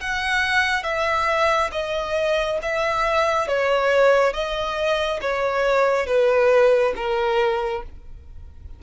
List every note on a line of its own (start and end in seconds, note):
0.00 0.83 F#5
0.83 1.70 E5
1.72 2.58 D#5
2.62 3.47 E5
3.47 4.33 C#5
4.33 5.20 D#5
5.21 6.06 C#5
6.06 6.93 B4
6.96 7.83 A#4